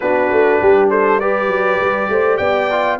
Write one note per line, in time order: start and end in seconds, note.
0.00 0.31 B3
0.00 1.21 D4
0.00 0.60 F#4
0.00 0.89 B4
0.31 0.61 A3
0.60 1.47 G3
0.60 0.90 G4
0.90 1.20 A4
0.90 1.20 C5
1.20 2.71 G4
1.20 2.10 B4
1.20 2.37 D5
1.47 1.77 F#3
1.81 2.08 G3
2.08 2.38 A3
2.08 2.38 C5
2.37 2.99 B3
2.37 2.98 D5
2.37 2.97 G5
2.71 2.99 F4